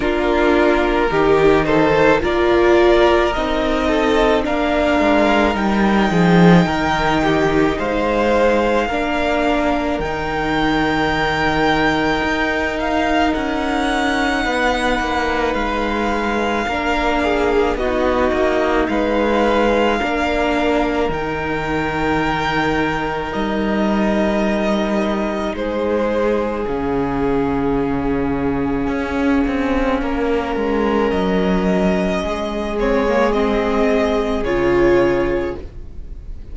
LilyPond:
<<
  \new Staff \with { instrumentName = "violin" } { \time 4/4 \tempo 4 = 54 ais'4. c''8 d''4 dis''4 | f''4 g''2 f''4~ | f''4 g''2~ g''8 f''8 | fis''2 f''2 |
dis''4 f''2 g''4~ | g''4 dis''2 c''4 | f''1 | dis''4. cis''8 dis''4 cis''4 | }
  \new Staff \with { instrumentName = "violin" } { \time 4/4 f'4 g'8 a'8 ais'4. a'8 | ais'4. gis'8 ais'8 g'8 c''4 | ais'1~ | ais'4 b'2 ais'8 gis'8 |
fis'4 b'4 ais'2~ | ais'2. gis'4~ | gis'2. ais'4~ | ais'4 gis'2. | }
  \new Staff \with { instrumentName = "viola" } { \time 4/4 d'4 dis'4 f'4 dis'4 | d'4 dis'2. | d'4 dis'2.~ | dis'2. d'4 |
dis'2 d'4 dis'4~ | dis'1 | cis'1~ | cis'4. c'16 ais16 c'4 f'4 | }
  \new Staff \with { instrumentName = "cello" } { \time 4/4 ais4 dis4 ais4 c'4 | ais8 gis8 g8 f8 dis4 gis4 | ais4 dis2 dis'4 | cis'4 b8 ais8 gis4 ais4 |
b8 ais8 gis4 ais4 dis4~ | dis4 g2 gis4 | cis2 cis'8 c'8 ais8 gis8 | fis4 gis2 cis4 | }
>>